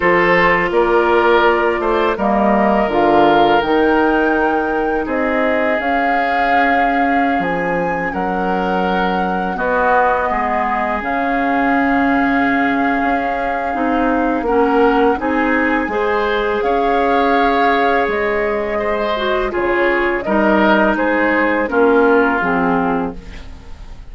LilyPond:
<<
  \new Staff \with { instrumentName = "flute" } { \time 4/4 \tempo 4 = 83 c''4 d''2 dis''4 | f''4 g''2 dis''4 | f''2~ f''16 gis''4 fis''8.~ | fis''4~ fis''16 dis''2 f''8.~ |
f''1 | fis''4 gis''2 f''4~ | f''4 dis''2 cis''4 | dis''4 c''4 ais'4 gis'4 | }
  \new Staff \with { instrumentName = "oboe" } { \time 4/4 a'4 ais'4. c''8 ais'4~ | ais'2. gis'4~ | gis'2.~ gis'16 ais'8.~ | ais'4~ ais'16 fis'4 gis'4.~ gis'16~ |
gis'1 | ais'4 gis'4 c''4 cis''4~ | cis''2 c''4 gis'4 | ais'4 gis'4 f'2 | }
  \new Staff \with { instrumentName = "clarinet" } { \time 4/4 f'2. ais4 | f'4 dis'2. | cis'1~ | cis'4~ cis'16 b2 cis'8.~ |
cis'2. dis'4 | cis'4 dis'4 gis'2~ | gis'2~ gis'8 fis'8 f'4 | dis'2 cis'4 c'4 | }
  \new Staff \with { instrumentName = "bassoon" } { \time 4/4 f4 ais4. a8 g4 | d4 dis2 c'4 | cis'2~ cis'16 f4 fis8.~ | fis4~ fis16 b4 gis4 cis8.~ |
cis2 cis'4 c'4 | ais4 c'4 gis4 cis'4~ | cis'4 gis2 cis4 | g4 gis4 ais4 f4 | }
>>